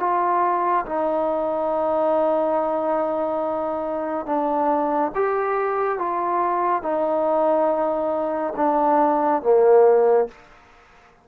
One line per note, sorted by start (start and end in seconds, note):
0.00 0.86 F4
0.86 4.26 D#4
4.26 5.12 D4
5.15 5.99 G4
5.99 6.83 F4
6.83 8.54 D#4
8.57 9.43 D4
9.43 10.29 A#3